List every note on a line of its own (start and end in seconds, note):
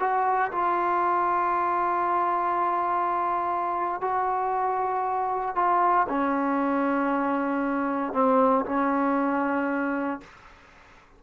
0.00 0.52 F#4
0.52 4.01 F4
4.01 5.55 F#4
5.55 6.07 F4
6.09 8.13 C#4
8.13 8.65 C4
8.65 10.21 C#4